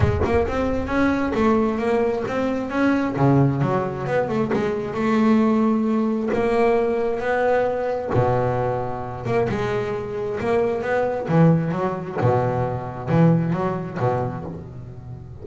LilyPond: \new Staff \with { instrumentName = "double bass" } { \time 4/4 \tempo 4 = 133 gis8 ais8 c'4 cis'4 a4 | ais4 c'4 cis'4 cis4 | fis4 b8 a8 gis4 a4~ | a2 ais2 |
b2 b,2~ | b,8 ais8 gis2 ais4 | b4 e4 fis4 b,4~ | b,4 e4 fis4 b,4 | }